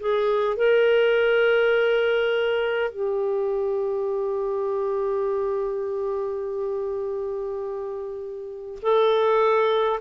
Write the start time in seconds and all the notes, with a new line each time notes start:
0.00 G#4
0.57 A#4
2.91 G4
8.82 A4